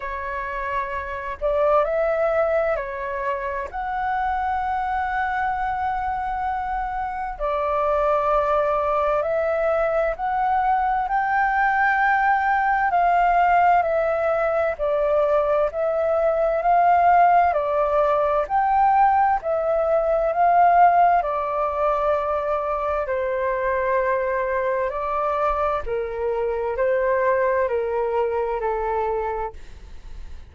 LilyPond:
\new Staff \with { instrumentName = "flute" } { \time 4/4 \tempo 4 = 65 cis''4. d''8 e''4 cis''4 | fis''1 | d''2 e''4 fis''4 | g''2 f''4 e''4 |
d''4 e''4 f''4 d''4 | g''4 e''4 f''4 d''4~ | d''4 c''2 d''4 | ais'4 c''4 ais'4 a'4 | }